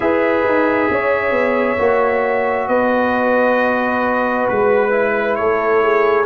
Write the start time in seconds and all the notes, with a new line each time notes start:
0.00 E4 G#4 B4 E5
0.44 D#4
0.90 C#4 C#5
1.31 B3
1.78 A#3 F#4
2.68 B3 B4 D#5
4.48 G#3 B4
4.90 E4
5.35 A3 A4 C#5
5.83 G#4